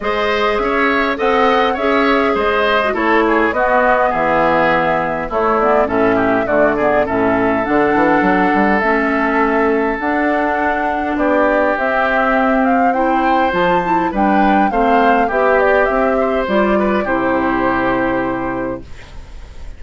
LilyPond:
<<
  \new Staff \with { instrumentName = "flute" } { \time 4/4 \tempo 4 = 102 dis''4 e''4 fis''4 e''4 | dis''4 cis''4 dis''4 e''4~ | e''4 cis''8 d''8 e''4 d''4 | e''4 fis''2 e''4~ |
e''4 fis''2 d''4 | e''4. f''8 g''4 a''4 | g''4 f''4 e''8 d''8 e''4 | d''4 c''2. | }
  \new Staff \with { instrumentName = "oboe" } { \time 4/4 c''4 cis''4 dis''4 cis''4 | c''4 a'8 gis'8 fis'4 gis'4~ | gis'4 e'4 a'8 g'8 fis'8 gis'8 | a'1~ |
a'2. g'4~ | g'2 c''2 | b'4 c''4 g'4. c''8~ | c''8 b'8 g'2. | }
  \new Staff \with { instrumentName = "clarinet" } { \time 4/4 gis'2 a'4 gis'4~ | gis'8. fis'16 e'4 b2~ | b4 a8 b8 cis'4 a8 b8 | cis'4 d'2 cis'4~ |
cis'4 d'2. | c'2 e'4 f'8 e'8 | d'4 c'4 g'2 | f'4 e'2. | }
  \new Staff \with { instrumentName = "bassoon" } { \time 4/4 gis4 cis'4 c'4 cis'4 | gis4 a4 b4 e4~ | e4 a4 a,4 d4 | a,4 d8 e8 fis8 g8 a4~ |
a4 d'2 b4 | c'2. f4 | g4 a4 b4 c'4 | g4 c2. | }
>>